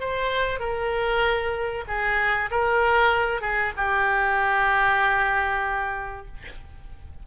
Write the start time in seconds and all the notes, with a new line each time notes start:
0.00 C5
0.60 A#4
1.88 G#4
2.51 A#4
3.41 G#4
3.77 G4